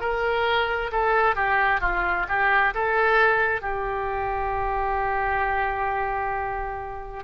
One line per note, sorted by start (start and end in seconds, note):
0.00 0.91 A#4
0.92 1.35 A4
1.35 1.81 G4
1.81 2.26 F4
2.28 2.74 G4
2.74 3.61 A4
3.61 7.24 G4